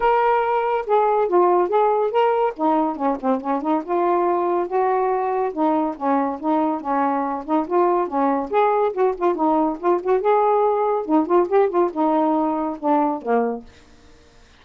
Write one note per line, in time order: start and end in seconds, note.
0.00 0.85 A#4
0.86 1.28 G#4
1.28 1.68 F4
1.68 2.11 G#4
2.11 2.53 A#4
2.56 2.96 D#4
2.96 3.17 C#4
3.20 3.40 C4
3.40 3.61 C#4
3.61 3.82 D#4
3.84 4.67 F4
4.67 5.52 F#4
5.52 5.95 D#4
5.97 6.39 C#4
6.39 6.80 D#4
6.80 7.44 C#4
7.45 7.67 D#4
7.67 8.07 F4
8.07 8.50 C#4
8.50 8.93 G#4
8.93 9.14 F#4
9.17 9.35 F4
9.35 9.77 D#4
9.79 10.01 F4
10.02 10.21 F#4
10.21 11.05 G#4
11.05 11.26 D#4
11.26 11.47 F4
11.48 11.69 G4
11.69 11.90 F4
11.92 12.77 D#4
12.79 13.22 D4
13.22 13.64 A#3